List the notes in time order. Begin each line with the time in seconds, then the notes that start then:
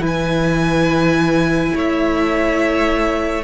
0.00 E3 E4 B4
0.06 G#5
1.75 A3 C#5 E5